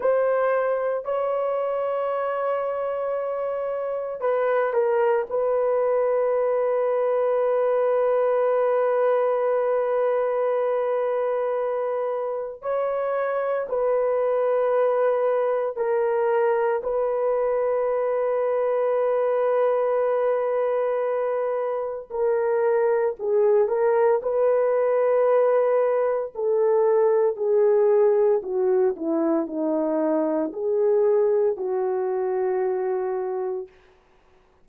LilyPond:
\new Staff \with { instrumentName = "horn" } { \time 4/4 \tempo 4 = 57 c''4 cis''2. | b'8 ais'8 b'2.~ | b'1 | cis''4 b'2 ais'4 |
b'1~ | b'4 ais'4 gis'8 ais'8 b'4~ | b'4 a'4 gis'4 fis'8 e'8 | dis'4 gis'4 fis'2 | }